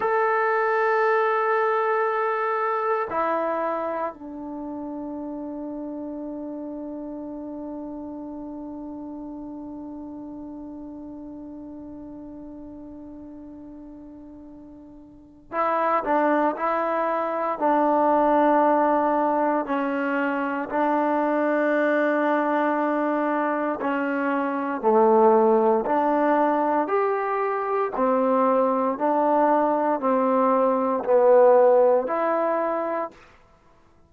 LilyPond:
\new Staff \with { instrumentName = "trombone" } { \time 4/4 \tempo 4 = 58 a'2. e'4 | d'1~ | d'1~ | d'2. e'8 d'8 |
e'4 d'2 cis'4 | d'2. cis'4 | a4 d'4 g'4 c'4 | d'4 c'4 b4 e'4 | }